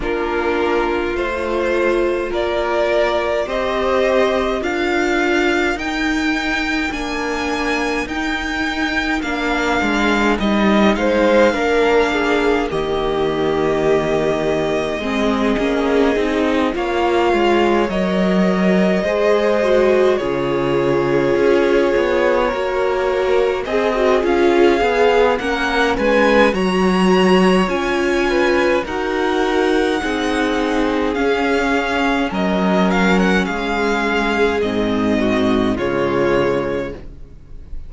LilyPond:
<<
  \new Staff \with { instrumentName = "violin" } { \time 4/4 \tempo 4 = 52 ais'4 c''4 d''4 dis''4 | f''4 g''4 gis''4 g''4 | f''4 dis''8 f''4. dis''4~ | dis''2~ dis''8 f''4 dis''8~ |
dis''4. cis''2~ cis''8~ | cis''8 dis''8 f''4 fis''8 gis''8 ais''4 | gis''4 fis''2 f''4 | dis''8 f''16 fis''16 f''4 dis''4 cis''4 | }
  \new Staff \with { instrumentName = "violin" } { \time 4/4 f'2 ais'4 c''4 | ais'1~ | ais'4. c''8 ais'8 gis'8 g'4~ | g'4 gis'4. cis''4.~ |
cis''8 c''4 gis'2 ais'8~ | ais'8 gis'4. ais'8 b'8 cis''4~ | cis''8 b'8 ais'4 gis'2 | ais'4 gis'4. fis'8 f'4 | }
  \new Staff \with { instrumentName = "viola" } { \time 4/4 d'4 f'2 g'4 | f'4 dis'4 d'4 dis'4 | d'4 dis'4 d'4 ais4~ | ais4 c'8 cis'8 dis'8 f'4 ais'8~ |
ais'8 gis'8 fis'8 f'2 fis'8~ | fis'8 gis'16 fis'16 f'8 gis'8 cis'4 fis'4 | f'4 fis'4 dis'4 cis'4~ | cis'2 c'4 gis4 | }
  \new Staff \with { instrumentName = "cello" } { \time 4/4 ais4 a4 ais4 c'4 | d'4 dis'4 ais4 dis'4 | ais8 gis8 g8 gis8 ais4 dis4~ | dis4 gis8 ais8 c'8 ais8 gis8 fis8~ |
fis8 gis4 cis4 cis'8 b8 ais8~ | ais8 c'8 cis'8 b8 ais8 gis8 fis4 | cis'4 dis'4 c'4 cis'4 | fis4 gis4 gis,4 cis4 | }
>>